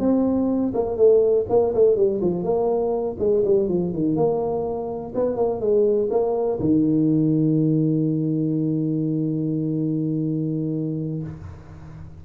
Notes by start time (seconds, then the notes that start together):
0.00 C4
0.74 A#3
0.97 A3
1.49 A#3
1.75 A3
1.96 G3
2.22 F3
2.44 A#3
3.20 G#3
3.45 G3
3.69 F3
3.93 D#3
4.16 A#3
5.15 B3
5.36 A#3
5.61 G#3
6.11 A#3
6.60 D#3